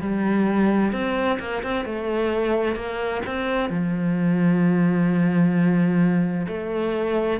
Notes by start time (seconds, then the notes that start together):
0.00 G3
0.92 C4
1.39 A#3
1.63 C4
1.85 A3
2.75 A#3
3.26 C4
3.69 F3
6.47 A3